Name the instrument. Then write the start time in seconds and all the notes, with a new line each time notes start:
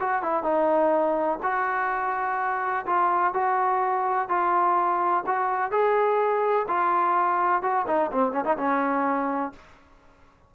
trombone
0.00 F#4
0.23 E4
0.44 D#4
1.43 F#4
2.86 F4
3.34 F#4
4.29 F4
5.26 F#4
5.71 G#4
6.68 F4
7.62 F#4
7.87 D#4
8.12 C4
8.33 C#4
8.45 D#4
8.57 C#4